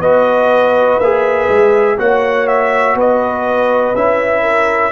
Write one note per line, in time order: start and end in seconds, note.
0.00 0.98 B3
0.00 1.02 F#4
0.00 1.99 B4
0.00 1.00 D#5
0.99 1.48 A#3
0.99 1.98 G#4
0.99 1.98 E5
1.49 1.98 G#3
1.98 2.95 A#3
1.98 3.95 F#4
1.98 2.97 C#5
1.98 2.48 F#5
2.48 2.97 E5
2.95 3.94 B3
2.95 4.43 B4
2.95 3.96 D#5
3.95 4.93 C#4
3.95 4.93 E4
3.95 4.93 E5
4.43 4.92 A#4